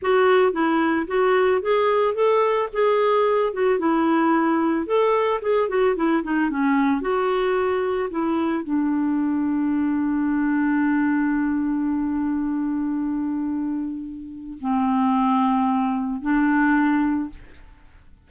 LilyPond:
\new Staff \with { instrumentName = "clarinet" } { \time 4/4 \tempo 4 = 111 fis'4 e'4 fis'4 gis'4 | a'4 gis'4. fis'8 e'4~ | e'4 a'4 gis'8 fis'8 e'8 dis'8 | cis'4 fis'2 e'4 |
d'1~ | d'1~ | d'2. c'4~ | c'2 d'2 | }